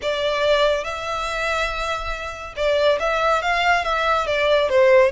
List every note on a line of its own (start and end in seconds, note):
0.02 0.84 D5
0.84 2.54 E5
2.56 2.98 D5
2.99 3.42 E5
3.42 3.84 F5
3.84 4.26 E5
4.26 4.69 D5
4.69 5.12 C5